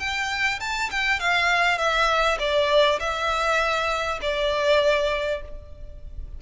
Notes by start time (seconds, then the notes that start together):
0.00 G5
0.60 A5
0.91 G5
1.19 F5
1.78 E5
2.39 D5
2.99 E5
4.22 D5